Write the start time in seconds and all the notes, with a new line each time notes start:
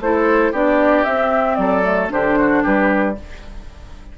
0.00 A3 E4 A4 C5
0.52 B3 D4 G4 D5
1.04 C4 E5
1.55 F#3 A4 D5
1.83 A3
2.10 D3 D4 G4 C5
2.39 F#4
2.63 G3 G4 B4